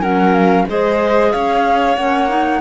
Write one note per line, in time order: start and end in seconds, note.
0.00 0.65 F#3
0.00 0.66 C#4
0.00 0.65 A#4
0.00 0.34 F#5
0.34 0.66 F5
0.67 1.33 G#3
0.67 1.96 G#4
0.67 1.32 C5
0.67 1.32 D#5
1.32 1.97 C#4
1.32 2.60 C#5
1.32 1.96 F5
1.96 2.60 A#3
1.96 2.28 C#4
1.96 2.60 F#5
2.28 2.60 D#4